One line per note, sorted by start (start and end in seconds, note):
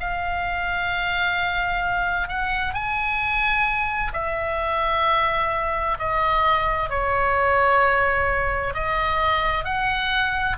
0.00 2.29 F5
2.29 2.74 F#5
2.74 4.12 G#5
4.14 5.98 E5
5.99 6.90 D#5
6.90 8.74 C#5
8.74 9.65 D#5
9.65 10.57 F#5